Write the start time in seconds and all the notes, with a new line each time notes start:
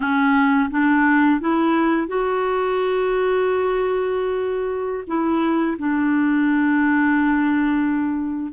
0.00 C#4
0.70 D4
1.40 E4
2.07 F#4
5.07 E4
5.78 D4